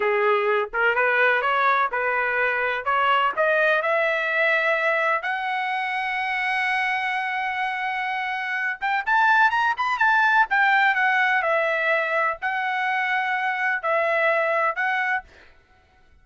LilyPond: \new Staff \with { instrumentName = "trumpet" } { \time 4/4 \tempo 4 = 126 gis'4. ais'8 b'4 cis''4 | b'2 cis''4 dis''4 | e''2. fis''4~ | fis''1~ |
fis''2~ fis''8 g''8 a''4 | ais''8 b''8 a''4 g''4 fis''4 | e''2 fis''2~ | fis''4 e''2 fis''4 | }